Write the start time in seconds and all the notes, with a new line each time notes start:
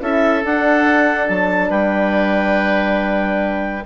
0.00 C#4 E4 A4 E5
0.43 D4 F#5
1.27 F#3 A5
1.69 G3 B4 G5